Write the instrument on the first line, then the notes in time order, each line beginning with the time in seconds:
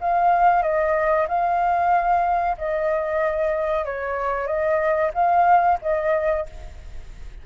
flute
0.00 F5
0.62 D#5
1.28 F5
2.57 D#5
3.85 C#5
4.46 D#5
5.13 F5
5.81 D#5